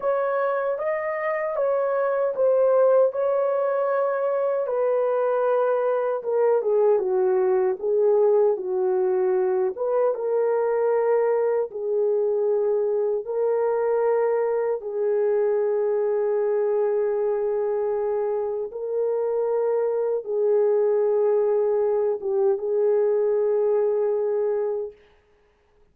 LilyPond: \new Staff \with { instrumentName = "horn" } { \time 4/4 \tempo 4 = 77 cis''4 dis''4 cis''4 c''4 | cis''2 b'2 | ais'8 gis'8 fis'4 gis'4 fis'4~ | fis'8 b'8 ais'2 gis'4~ |
gis'4 ais'2 gis'4~ | gis'1 | ais'2 gis'2~ | gis'8 g'8 gis'2. | }